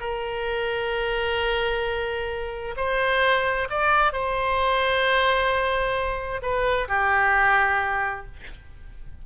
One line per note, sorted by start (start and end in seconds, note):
0.00 2.75 A#4
2.76 3.68 C5
3.70 4.12 D5
4.12 6.41 C5
6.42 6.88 B4
6.88 8.25 G4